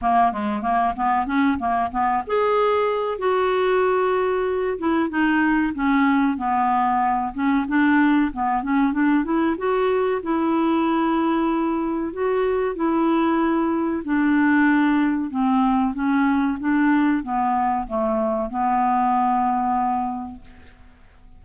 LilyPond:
\new Staff \with { instrumentName = "clarinet" } { \time 4/4 \tempo 4 = 94 ais8 gis8 ais8 b8 cis'8 ais8 b8 gis'8~ | gis'4 fis'2~ fis'8 e'8 | dis'4 cis'4 b4. cis'8 | d'4 b8 cis'8 d'8 e'8 fis'4 |
e'2. fis'4 | e'2 d'2 | c'4 cis'4 d'4 b4 | a4 b2. | }